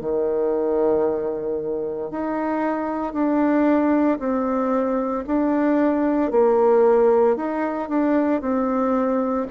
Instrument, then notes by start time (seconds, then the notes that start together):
bassoon
0.00 D#3
2.10 D#4
3.13 D4
4.19 C4
5.26 D4
6.31 A#3
7.36 D#4
7.89 D4
8.41 C4